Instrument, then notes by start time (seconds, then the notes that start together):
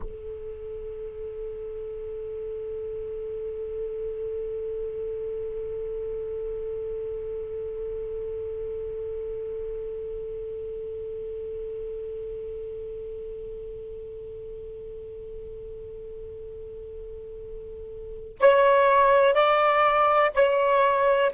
saxophone
0.00 A4
18.40 C#5
19.34 D5
20.34 C#5